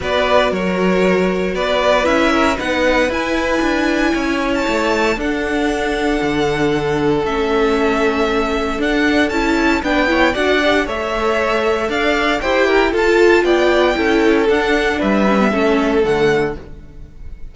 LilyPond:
<<
  \new Staff \with { instrumentName = "violin" } { \time 4/4 \tempo 4 = 116 d''4 cis''2 d''4 | e''4 fis''4 gis''2~ | gis''8. a''4~ a''16 fis''2~ | fis''2 e''2~ |
e''4 fis''4 a''4 g''4 | fis''4 e''2 f''4 | g''4 a''4 g''2 | fis''4 e''2 fis''4 | }
  \new Staff \with { instrumentName = "violin" } { \time 4/4 b'4 ais'2 b'4~ | b'8 ais'8 b'2. | cis''2 a'2~ | a'1~ |
a'2. b'8 cis''8 | d''4 cis''2 d''4 | c''8 ais'8 a'4 d''4 a'4~ | a'4 b'4 a'2 | }
  \new Staff \with { instrumentName = "viola" } { \time 4/4 fis'1 | e'4 dis'4 e'2~ | e'2 d'2~ | d'2 cis'2~ |
cis'4 d'4 e'4 d'8 e'8 | fis'8 g'8 a'2. | g'4 f'2 e'4 | d'4. cis'16 b16 cis'4 a4 | }
  \new Staff \with { instrumentName = "cello" } { \time 4/4 b4 fis2 b4 | cis'4 b4 e'4 d'4 | cis'4 a4 d'2 | d2 a2~ |
a4 d'4 cis'4 b4 | d'4 a2 d'4 | e'4 f'4 b4 cis'4 | d'4 g4 a4 d4 | }
>>